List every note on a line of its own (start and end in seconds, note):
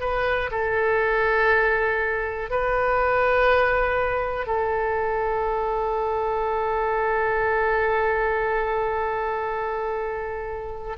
0.00 0.50 B4
0.51 2.50 A4
2.50 4.46 B4
4.46 10.96 A4